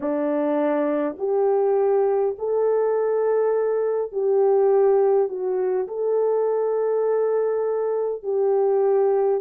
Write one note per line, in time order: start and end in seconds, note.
0.00 1.16 D4
1.18 2.36 G4
2.38 4.12 A4
4.12 5.28 G4
5.28 5.87 F#4
5.87 8.22 A4
8.22 9.40 G4